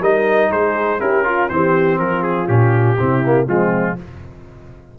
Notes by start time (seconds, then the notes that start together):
0.00 G3 D#4 A#4 D#5
0.50 G#3 G#4 C5
0.99 C#4 E4 G4 A#4
1.24 F4
1.49 E3 C4 G4 C5
1.99 F3 F4 A#4
2.22 G#4
2.47 A#2 C#4 G4
2.99 C3 C4 E4
3.25 A#3
3.47 F3 G#3 C4 F4